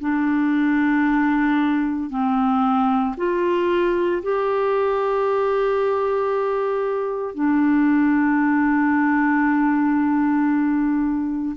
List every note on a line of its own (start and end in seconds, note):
0.00 2.10 D4
2.10 3.15 C4
3.17 4.22 F4
4.22 7.34 G4
7.34 11.56 D4